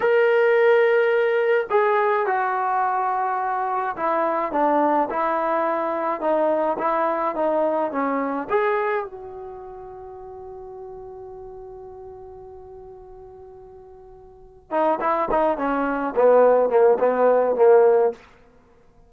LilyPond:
\new Staff \with { instrumentName = "trombone" } { \time 4/4 \tempo 4 = 106 ais'2. gis'4 | fis'2. e'4 | d'4 e'2 dis'4 | e'4 dis'4 cis'4 gis'4 |
fis'1~ | fis'1~ | fis'2 dis'8 e'8 dis'8 cis'8~ | cis'8 b4 ais8 b4 ais4 | }